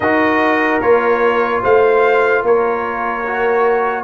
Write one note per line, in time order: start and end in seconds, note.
0.00 0.80 D#4
0.00 0.82 F#4
0.00 1.61 A#4
0.00 0.80 D#5
0.80 1.61 A#3
0.80 3.25 F4
0.80 1.62 C#5
1.61 2.43 A3
1.61 2.43 C5
1.61 2.45 F5
2.43 4.04 A#3
2.43 4.04 A#4
2.43 4.04 C#5
3.27 4.04 F#4